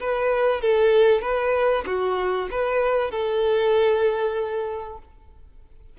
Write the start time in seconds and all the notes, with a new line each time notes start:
0.00 B4
0.61 A4
1.22 B4
1.86 F#4
2.51 B4
3.11 A4